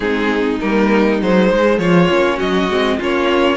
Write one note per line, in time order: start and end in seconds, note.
0.00 0.58 G#3
0.00 0.60 C4
0.00 1.79 D#4
0.00 0.57 G#4
0.60 1.22 G3
0.60 1.20 A#3
0.60 1.20 A#4
1.20 1.50 F#3
1.20 2.09 G#3
1.20 1.78 C5
1.50 1.78 G#3
1.78 2.08 F3
1.78 2.37 F4
1.78 2.38 C#5
2.09 2.39 A#3
2.09 2.69 C#4
2.37 2.69 F#3
2.37 2.97 F#4
2.37 2.99 D#5
2.69 2.99 G#3
2.69 2.99 C4
2.98 3.57 A#3
2.98 3.57 C#4
2.98 3.57 F4
2.98 3.57 C#5